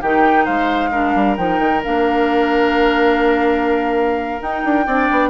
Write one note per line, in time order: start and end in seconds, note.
0.00 0.46 D#3
0.00 0.91 D#4
0.00 0.44 G4
0.00 0.45 G5
0.44 1.15 G#3
0.44 0.89 C5
0.44 1.35 F5
0.91 1.36 D4
0.91 4.86 A#4
1.15 1.37 G3
1.36 1.59 F3
1.36 1.82 D#4
1.36 1.81 G5
1.59 1.81 D#3
1.84 4.41 A#3
1.84 4.39 D4
1.84 4.42 F5
4.39 4.84 D#4
4.39 4.63 D#4
4.39 5.29 G5
4.64 4.86 D4
4.86 5.09 C4
4.86 5.29 D4
4.86 5.29 D5
5.11 5.29 B3